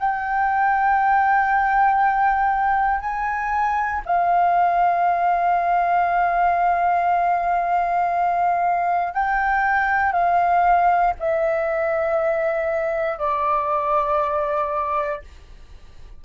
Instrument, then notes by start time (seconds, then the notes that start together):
flute
0.00 G5
3.00 G#5
4.06 F5
9.14 G5
10.13 F5
11.20 E5
13.19 D5